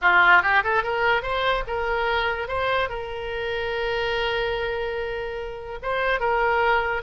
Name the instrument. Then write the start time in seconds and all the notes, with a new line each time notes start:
oboe
0.01 F4
0.42 G4
0.63 A4
0.83 A#4
1.22 C5
1.67 A#4
2.48 C5
2.89 A#4
5.82 C5
6.20 A#4